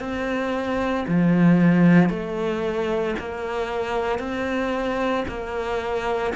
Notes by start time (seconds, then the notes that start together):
0.00 C4
1.09 F3
2.10 A3
3.20 A#3
4.20 C4
5.29 A#3